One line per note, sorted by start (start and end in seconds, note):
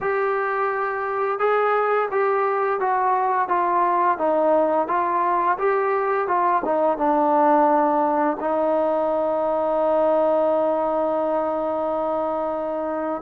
0.00 1.39 G4
1.39 2.09 G#4
2.11 2.80 G4
2.80 3.48 F#4
3.48 4.17 F4
4.17 4.87 D#4
4.87 5.57 F4
5.58 6.27 G4
6.27 6.62 F4
6.65 6.97 D#4
6.97 8.37 D4
8.40 13.22 D#4